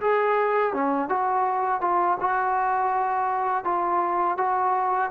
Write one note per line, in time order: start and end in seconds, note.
0.00 0.73 G#4
0.73 1.08 C#4
1.08 1.81 F#4
1.81 2.17 F4
2.20 3.64 F#4
3.64 4.37 F4
4.37 5.10 F#4